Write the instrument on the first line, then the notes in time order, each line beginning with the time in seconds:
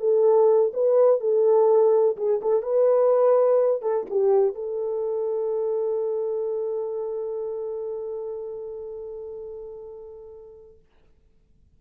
horn
0.00 A4
0.74 B4
1.20 A4
2.17 G#4
2.42 A4
2.62 B4
3.82 A4
4.10 G4
4.55 A4